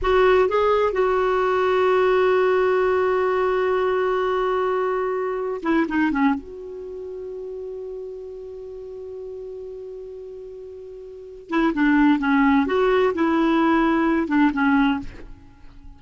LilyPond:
\new Staff \with { instrumentName = "clarinet" } { \time 4/4 \tempo 4 = 128 fis'4 gis'4 fis'2~ | fis'1~ | fis'1 | e'8 dis'8 cis'8 fis'2~ fis'8~ |
fis'1~ | fis'1~ | fis'8 e'8 d'4 cis'4 fis'4 | e'2~ e'8 d'8 cis'4 | }